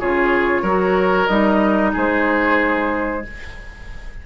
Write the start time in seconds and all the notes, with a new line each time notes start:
0.00 C#3 F4 G#4 C#5
0.62 F#3 F#4 A#4
1.27 G3 D#4 D#5
1.93 G#3 G#4 C5